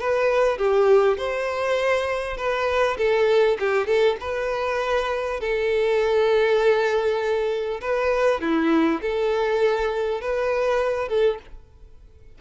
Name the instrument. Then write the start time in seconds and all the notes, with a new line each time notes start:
violin
0.00 B4
0.58 G4
1.18 C5
2.38 B4
2.98 A4
3.60 G4
3.87 A4
4.21 B4
5.41 A4
7.81 B4
8.41 E4
9.02 A4
10.21 B4
11.09 A4